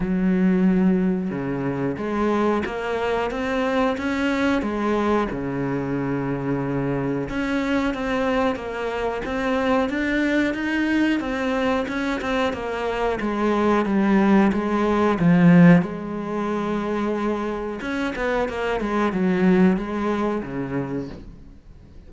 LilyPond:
\new Staff \with { instrumentName = "cello" } { \time 4/4 \tempo 4 = 91 fis2 cis4 gis4 | ais4 c'4 cis'4 gis4 | cis2. cis'4 | c'4 ais4 c'4 d'4 |
dis'4 c'4 cis'8 c'8 ais4 | gis4 g4 gis4 f4 | gis2. cis'8 b8 | ais8 gis8 fis4 gis4 cis4 | }